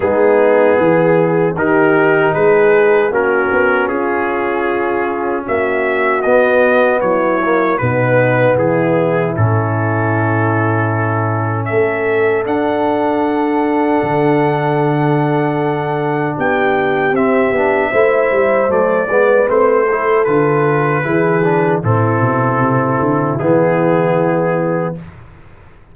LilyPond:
<<
  \new Staff \with { instrumentName = "trumpet" } { \time 4/4 \tempo 4 = 77 gis'2 ais'4 b'4 | ais'4 gis'2 e''4 | dis''4 cis''4 b'4 gis'4 | a'2. e''4 |
fis''1~ | fis''4 g''4 e''2 | d''4 c''4 b'2 | a'2 gis'2 | }
  \new Staff \with { instrumentName = "horn" } { \time 4/4 dis'4 gis'4 g'4 gis'4 | fis'4 f'2 fis'4~ | fis'4 e'4 dis'4 e'4~ | e'2. a'4~ |
a'1~ | a'4 g'2 c''4~ | c''8 b'4 a'4. gis'4 | e'1 | }
  \new Staff \with { instrumentName = "trombone" } { \time 4/4 b2 dis'2 | cis'1 | b4. ais8 b2 | cis'1 |
d'1~ | d'2 c'8 d'8 e'4 | a8 b8 c'8 e'8 f'4 e'8 d'8 | c'2 b2 | }
  \new Staff \with { instrumentName = "tuba" } { \time 4/4 gis4 e4 dis4 gis4 | ais8 b8 cis'2 ais4 | b4 fis4 b,4 e4 | a,2. a4 |
d'2 d2~ | d4 b4 c'8 b8 a8 g8 | fis8 gis8 a4 d4 e4 | a,8 b,8 c8 d8 e2 | }
>>